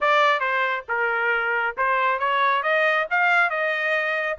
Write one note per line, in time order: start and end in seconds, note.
0.00 0.40 D5
0.40 0.84 C5
0.88 1.76 A#4
1.77 2.19 C5
2.19 2.63 C#5
2.63 3.06 D#5
3.10 3.50 F5
3.50 4.37 D#5